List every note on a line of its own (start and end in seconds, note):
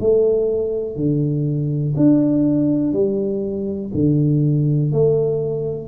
0.00 0.96 A3
0.96 1.94 D3
1.96 2.93 D4
2.93 3.91 G3
3.94 4.92 D3
4.92 5.87 A3